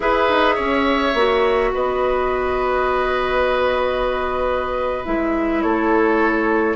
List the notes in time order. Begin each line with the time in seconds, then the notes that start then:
0.00 E4 G#4 B4 E5
0.29 D#4
0.55 C#4 C#5
1.14 A#3 F#4
1.73 B3 B4 D#5
5.05 G#3 E4 E5
5.61 A3 A4 C#5